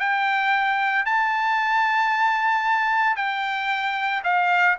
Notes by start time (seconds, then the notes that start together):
0.00 G5
1.06 A5
3.16 G5
4.24 F5